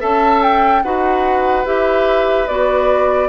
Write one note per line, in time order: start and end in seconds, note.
0.00 0.84 C#4
0.00 0.82 A4
0.00 0.82 E5
0.00 0.42 A5
0.42 0.83 G5
0.83 1.65 D#4
0.83 1.65 F#4
0.83 3.29 B4
0.83 1.65 F#5
1.65 2.47 E4
1.65 2.47 G4
1.65 2.48 E5
2.48 3.29 B3
2.48 3.29 F#4
2.48 3.29 D5